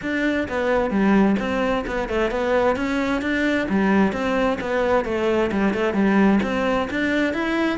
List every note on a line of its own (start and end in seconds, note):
0.02 0.47 D4
0.48 0.90 B3
0.90 1.36 G3
1.39 1.85 C4
1.86 2.09 B3
2.09 2.30 A3
2.30 2.75 B3
2.75 3.21 C#4
3.21 3.67 D4
3.69 4.12 G3
4.12 4.58 C4
4.60 5.05 B3
5.05 5.50 A3
5.51 5.73 G3
5.73 5.93 A3
5.93 6.39 G3
6.42 6.88 C4
6.90 7.33 D4
7.33 7.78 E4